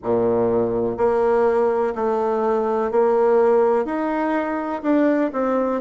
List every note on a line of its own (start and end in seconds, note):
0.03 0.97 A#2
0.97 1.94 A#3
1.95 2.91 A3
2.91 3.85 A#3
3.85 4.82 D#4
4.82 5.30 D4
5.32 5.81 C4